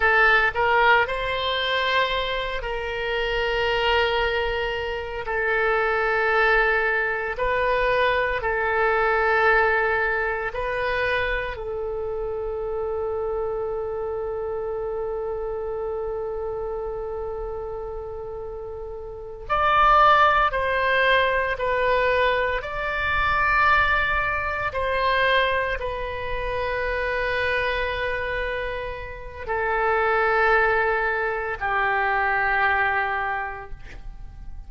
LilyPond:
\new Staff \with { instrumentName = "oboe" } { \time 4/4 \tempo 4 = 57 a'8 ais'8 c''4. ais'4.~ | ais'4 a'2 b'4 | a'2 b'4 a'4~ | a'1~ |
a'2~ a'8 d''4 c''8~ | c''8 b'4 d''2 c''8~ | c''8 b'2.~ b'8 | a'2 g'2 | }